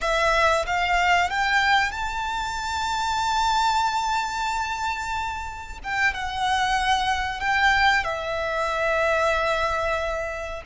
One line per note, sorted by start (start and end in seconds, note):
0.01 0.65 E5
0.66 1.29 F5
1.29 1.91 G5
1.91 5.78 A5
5.83 6.13 G5
6.13 7.40 F#5
7.40 8.04 G5
8.04 10.62 E5